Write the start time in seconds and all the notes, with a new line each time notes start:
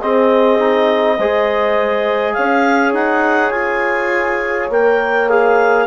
0.00 C4 G#4 D#5
0.58 D#4
1.17 G#3 G#4 C5
2.33 C#4 C#5 F5
2.92 D#4 F#5
3.50 F4 G#5
4.69 A#3 A#4 G5
5.28 G#4 F5